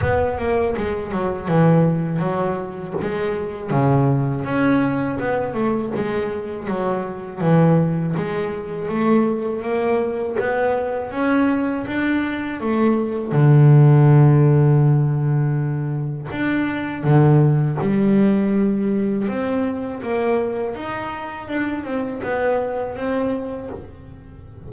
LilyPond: \new Staff \with { instrumentName = "double bass" } { \time 4/4 \tempo 4 = 81 b8 ais8 gis8 fis8 e4 fis4 | gis4 cis4 cis'4 b8 a8 | gis4 fis4 e4 gis4 | a4 ais4 b4 cis'4 |
d'4 a4 d2~ | d2 d'4 d4 | g2 c'4 ais4 | dis'4 d'8 c'8 b4 c'4 | }